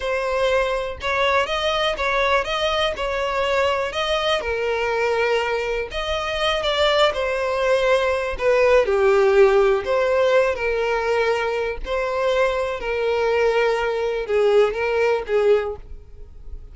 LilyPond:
\new Staff \with { instrumentName = "violin" } { \time 4/4 \tempo 4 = 122 c''2 cis''4 dis''4 | cis''4 dis''4 cis''2 | dis''4 ais'2. | dis''4. d''4 c''4.~ |
c''4 b'4 g'2 | c''4. ais'2~ ais'8 | c''2 ais'2~ | ais'4 gis'4 ais'4 gis'4 | }